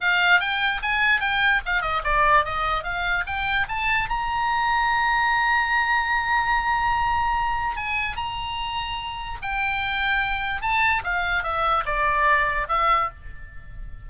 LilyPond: \new Staff \with { instrumentName = "oboe" } { \time 4/4 \tempo 4 = 147 f''4 g''4 gis''4 g''4 | f''8 dis''8 d''4 dis''4 f''4 | g''4 a''4 ais''2~ | ais''1~ |
ais''2. gis''4 | ais''2. g''4~ | g''2 a''4 f''4 | e''4 d''2 e''4 | }